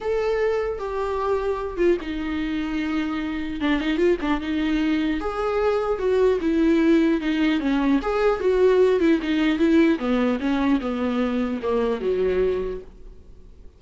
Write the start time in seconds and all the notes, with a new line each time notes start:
0.00 A4
0.79 G4
1.77 F4
2.01 D#4
3.60 D4
3.80 D#4
3.97 F4
4.21 D4
4.40 D#4
5.20 G#4
5.99 F#4
6.40 E4
7.20 D#4
7.60 C#4
8.01 G#4
8.40 F#4
9.00 E4
9.22 D#4
9.58 E4
9.98 B3
10.39 C#4
10.80 B3
11.62 A#3
12.00 F#3